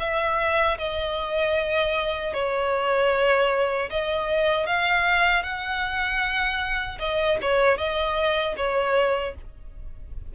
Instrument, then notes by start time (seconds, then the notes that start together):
violin
0.00 E5
0.78 D#5
2.34 C#5
3.90 D#5
4.67 F5
5.43 F#5
7.00 D#5
7.42 C#5
7.78 D#5
8.57 C#5